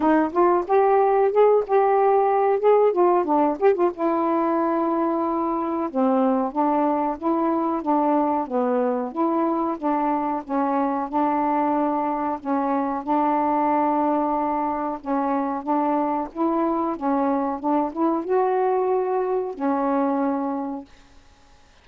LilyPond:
\new Staff \with { instrumentName = "saxophone" } { \time 4/4 \tempo 4 = 92 dis'8 f'8 g'4 gis'8 g'4. | gis'8 f'8 d'8 g'16 f'16 e'2~ | e'4 c'4 d'4 e'4 | d'4 b4 e'4 d'4 |
cis'4 d'2 cis'4 | d'2. cis'4 | d'4 e'4 cis'4 d'8 e'8 | fis'2 cis'2 | }